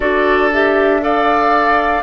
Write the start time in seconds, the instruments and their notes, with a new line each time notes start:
0.00 bassoon D4, clarinet F#4, oboe A4, flute D5
0.53 clarinet G4, flute E5
1.00 clarinet A4, oboe D5, flute F5